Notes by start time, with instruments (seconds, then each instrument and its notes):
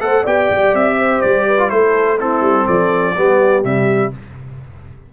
0.00 tuba A3, trombone A4, horn C5, trumpet F#5
0.23 tuba B3, trombone G4, horn D5, trumpet G5
0.50 tuba G3
0.74 tuba C4, trumpet E5
0.98 horn C5
1.21 tuba G3, trumpet D5
1.47 horn B4
1.58 trombone F4
1.70 tuba A3, trombone E4, horn A4, trumpet C5
2.18 trombone C4, horn E4, trumpet A4
2.41 tuba G3
2.66 tuba F3, horn A4, trumpet D5
3.15 tuba G3, trombone B3, horn G4
3.63 tuba C3, trombone G3, trumpet E5